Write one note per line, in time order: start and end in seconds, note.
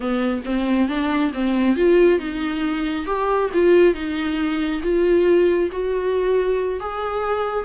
0.00 0.42 B3
0.45 0.88 C4
0.88 1.32 D4
1.33 1.76 C4
1.76 2.19 F4
2.19 3.06 D#4
3.06 3.49 G4
3.53 3.94 F4
3.94 4.81 D#4
4.82 5.70 F4
5.71 6.80 F#4
6.80 7.64 G#4